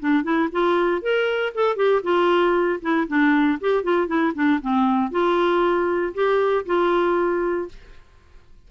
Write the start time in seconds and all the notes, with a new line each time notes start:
0.00 D4
0.24 E4
0.52 F4
1.02 A#4
1.55 A4
1.76 G4
2.03 F4
2.82 E4
3.08 D4
3.61 G4
3.83 F4
4.08 E4
4.35 D4
4.61 C4
5.11 F4
6.14 G4
6.66 F4